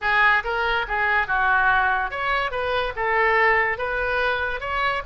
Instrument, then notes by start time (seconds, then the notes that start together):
oboe
0.01 G#4
0.44 A#4
0.88 G#4
1.27 F#4
2.11 C#5
2.51 B4
2.96 A4
3.78 B4
4.60 C#5